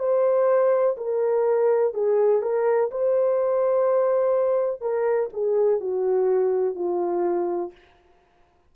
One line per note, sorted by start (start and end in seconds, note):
0.00 0.97 C5
0.98 1.94 A#4
1.94 2.42 G#4
2.42 2.91 A#4
2.92 4.82 C5
4.82 5.30 A#4
5.33 5.81 G#4
5.81 6.75 F#4
6.75 7.72 F4